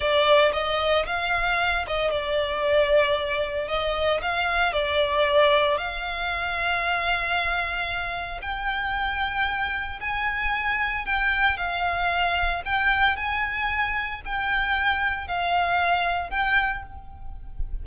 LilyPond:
\new Staff \with { instrumentName = "violin" } { \time 4/4 \tempo 4 = 114 d''4 dis''4 f''4. dis''8 | d''2. dis''4 | f''4 d''2 f''4~ | f''1 |
g''2. gis''4~ | gis''4 g''4 f''2 | g''4 gis''2 g''4~ | g''4 f''2 g''4 | }